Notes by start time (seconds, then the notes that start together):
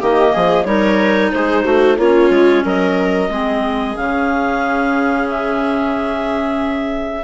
0.00 D#3 A#3 G4 D#5
0.32 F3 G#4
0.64 G3 D#4 A#4 C#5
1.31 G#3 G#4 C5
1.64 A3 F#4
1.97 A#3 C#4 F4 C#5
2.30 G#3
2.64 F#3 A#4 D#5
3.29 G#3 C4 G#4
3.95 C#3 C#4 F5
5.29 E5